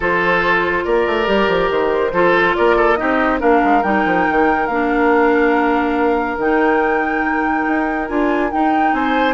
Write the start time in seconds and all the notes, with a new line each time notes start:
0.00 F3 F4 A4 C5
0.84 A#3 A#4 D5
1.06 A3
1.25 G3 G4
1.48 F3
1.70 D#3 C5
2.12 F3 F4 A4
2.55 A#3 A#4 D5
2.76 A4
2.95 C4 D#4 G4 D#5
3.39 A#3 D4 A#4 F5
3.63 G#3
3.82 G3 D#4 G5
4.05 F3
4.29 D#3
4.67 A#3 D4 F5
6.37 D#3 D#4 G5
7.68 D#4
8.07 D4 F4 G#5
8.51 D#4 G5
8.93 C4 C5 G#5